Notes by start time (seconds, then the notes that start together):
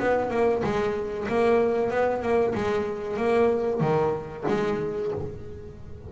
0.00 B3
0.30 A#3
0.64 G#3
1.29 A#3
1.91 B3
2.23 A#3
2.55 G#3
3.17 A#3
3.81 D#3
4.48 G#3